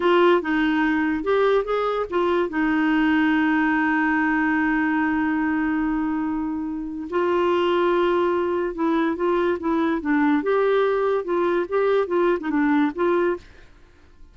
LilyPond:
\new Staff \with { instrumentName = "clarinet" } { \time 4/4 \tempo 4 = 144 f'4 dis'2 g'4 | gis'4 f'4 dis'2~ | dis'1~ | dis'1~ |
dis'4 f'2.~ | f'4 e'4 f'4 e'4 | d'4 g'2 f'4 | g'4 f'8. dis'16 d'4 f'4 | }